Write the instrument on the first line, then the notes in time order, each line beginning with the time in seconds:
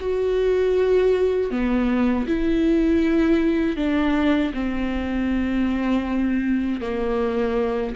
viola
0.00 F#4
1.51 B3
2.28 E4
3.76 D4
4.54 C4
6.81 A#3